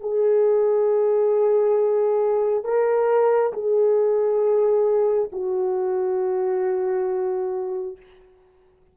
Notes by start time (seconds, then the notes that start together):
0.00 G#4
2.64 A#4
3.53 G#4
5.32 F#4